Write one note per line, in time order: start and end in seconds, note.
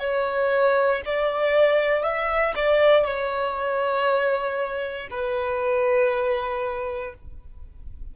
0.00 1.02 C#5
1.05 2.03 D5
2.03 2.54 E5
2.56 3.05 D5
3.05 5.08 C#5
5.11 7.14 B4